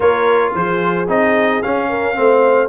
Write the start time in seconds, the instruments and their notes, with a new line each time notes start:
0.00 tuba A#3, trombone F4, horn A#4, trumpet C#5
0.54 tuba F3, horn G#4, trumpet C5
1.08 tuba C4, trombone D#4, trumpet D#5
1.62 trombone C#4, tuba C#4, trumpet F5
1.89 horn A#4
2.15 tuba A3, trombone C4, horn C5